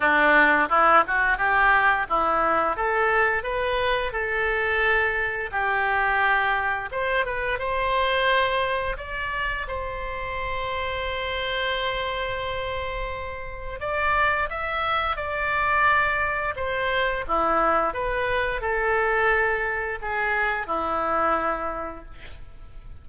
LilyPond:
\new Staff \with { instrumentName = "oboe" } { \time 4/4 \tempo 4 = 87 d'4 e'8 fis'8 g'4 e'4 | a'4 b'4 a'2 | g'2 c''8 b'8 c''4~ | c''4 d''4 c''2~ |
c''1 | d''4 e''4 d''2 | c''4 e'4 b'4 a'4~ | a'4 gis'4 e'2 | }